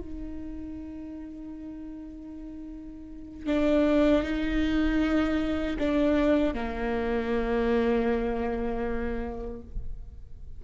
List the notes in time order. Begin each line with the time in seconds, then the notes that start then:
0.00 D#4
3.46 D4
4.23 D#4
5.78 D4
6.54 A#3